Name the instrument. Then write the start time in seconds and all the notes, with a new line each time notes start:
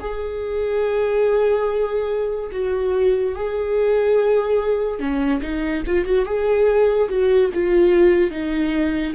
viola
0.00 G#4
2.52 F#4
3.35 G#4
4.99 C#4
5.42 D#4
5.86 F4
6.05 F#4
6.25 G#4
7.09 F#4
7.54 F4
8.31 D#4